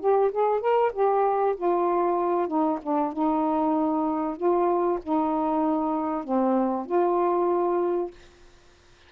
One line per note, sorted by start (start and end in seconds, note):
0.00 0.31 G4
0.32 0.61 G#4
0.61 0.92 A#4
0.93 1.55 G4
1.57 2.48 F4
2.48 2.79 D#4
2.82 3.13 D4
3.13 4.37 D#4
4.37 4.99 F4
5.03 6.24 D#4
6.24 6.86 C4
6.86 8.11 F4